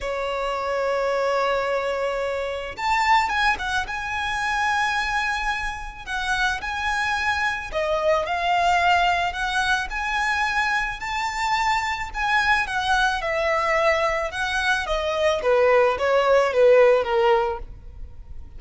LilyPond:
\new Staff \with { instrumentName = "violin" } { \time 4/4 \tempo 4 = 109 cis''1~ | cis''4 a''4 gis''8 fis''8 gis''4~ | gis''2. fis''4 | gis''2 dis''4 f''4~ |
f''4 fis''4 gis''2 | a''2 gis''4 fis''4 | e''2 fis''4 dis''4 | b'4 cis''4 b'4 ais'4 | }